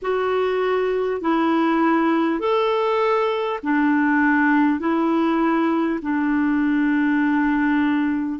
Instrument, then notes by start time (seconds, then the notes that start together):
clarinet
0.02 F#4
1.21 E4
2.39 A4
3.63 D4
4.79 E4
6.02 D4